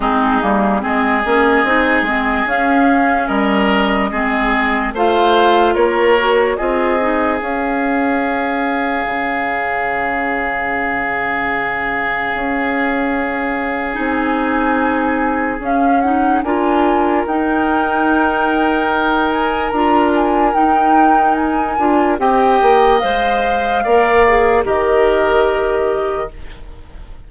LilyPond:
<<
  \new Staff \with { instrumentName = "flute" } { \time 4/4 \tempo 4 = 73 gis'4 dis''2 f''4 | dis''2 f''4 cis''4 | dis''4 f''2.~ | f''1~ |
f''4 gis''2 f''8 fis''8 | gis''4 g''2~ g''8 gis''8 | ais''8 gis''8 g''4 gis''4 g''4 | f''2 dis''2 | }
  \new Staff \with { instrumentName = "oboe" } { \time 4/4 dis'4 gis'2. | ais'4 gis'4 c''4 ais'4 | gis'1~ | gis'1~ |
gis'1 | ais'1~ | ais'2. dis''4~ | dis''4 d''4 ais'2 | }
  \new Staff \with { instrumentName = "clarinet" } { \time 4/4 c'8 ais8 c'8 cis'8 dis'8 c'8 cis'4~ | cis'4 c'4 f'4. fis'8 | f'8 dis'8 cis'2.~ | cis'1~ |
cis'4 dis'2 cis'8 dis'8 | f'4 dis'2. | f'4 dis'4. f'8 g'4 | c''4 ais'8 gis'8 g'2 | }
  \new Staff \with { instrumentName = "bassoon" } { \time 4/4 gis8 g8 gis8 ais8 c'8 gis8 cis'4 | g4 gis4 a4 ais4 | c'4 cis'2 cis4~ | cis2. cis'4~ |
cis'4 c'2 cis'4 | d'4 dis'2. | d'4 dis'4. d'8 c'8 ais8 | gis4 ais4 dis2 | }
>>